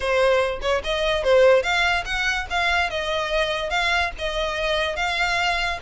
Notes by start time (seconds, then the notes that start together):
0.00 C5
0.61 C#5
0.84 D#5
1.23 C5
1.63 F5
2.05 F#5
2.49 F5
2.89 D#5
3.69 F5
4.18 D#5
4.96 F5